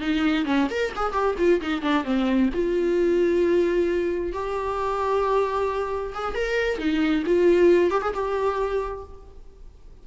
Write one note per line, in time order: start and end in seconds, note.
0.00 0.45 D#4
0.45 0.67 C#4
0.70 0.92 A#4
0.96 1.12 G#4
1.12 1.35 G4
1.38 1.60 F4
1.61 1.82 D#4
1.82 2.04 D4
2.04 2.49 C4
2.54 4.32 F4
4.32 6.13 G4
6.14 6.34 G#4
6.34 6.78 A#4
6.78 7.23 D#4
7.26 7.90 F4
7.90 8.01 G4
8.02 8.13 G#4
8.13 9.04 G4